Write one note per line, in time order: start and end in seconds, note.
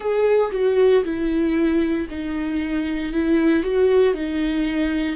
0.00 0.51 G#4
0.51 1.03 F#4
1.03 2.07 E4
2.10 3.13 D#4
3.13 3.63 E4
3.63 4.14 F#4
4.14 5.16 D#4